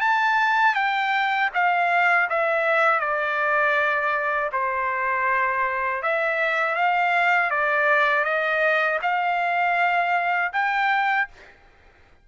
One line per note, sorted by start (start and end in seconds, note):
0.00 0.74 A5
0.74 1.49 G5
1.53 2.28 F5
2.29 3.00 E5
3.00 4.50 D5
4.52 6.02 C5
6.02 6.75 E5
6.75 7.50 F5
7.50 8.24 D5
8.24 8.99 D#5
9.02 10.52 F5
10.52 11.27 G5